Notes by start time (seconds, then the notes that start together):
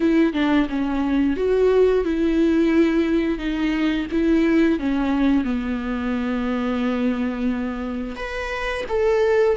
0.00 E4
0.33 D4
0.69 C#4
1.36 F#4
2.04 E4
3.38 D#4
4.11 E4
4.79 C#4
5.44 B3
8.16 B4
8.88 A4